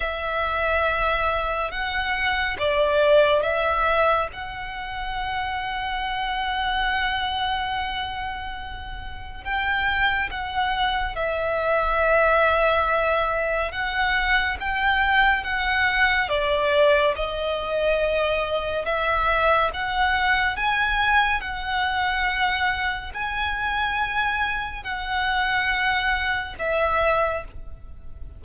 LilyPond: \new Staff \with { instrumentName = "violin" } { \time 4/4 \tempo 4 = 70 e''2 fis''4 d''4 | e''4 fis''2.~ | fis''2. g''4 | fis''4 e''2. |
fis''4 g''4 fis''4 d''4 | dis''2 e''4 fis''4 | gis''4 fis''2 gis''4~ | gis''4 fis''2 e''4 | }